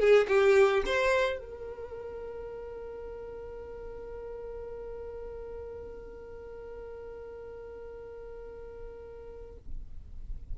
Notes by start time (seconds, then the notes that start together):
0.00 G#4
0.29 G4
0.86 C5
1.39 A#4